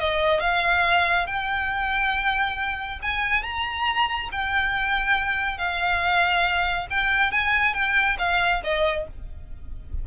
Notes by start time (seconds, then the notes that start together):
0.00 D#5
0.41 F5
1.27 G5
3.03 G#5
3.44 A#5
4.32 G5
5.58 F5
6.91 G5
7.32 G#5
7.74 G5
8.19 F5
8.64 D#5